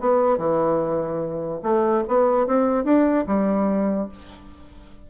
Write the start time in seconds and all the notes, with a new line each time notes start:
0.00 B3
0.38 E3
1.63 A3
2.08 B3
2.47 C4
2.84 D4
3.27 G3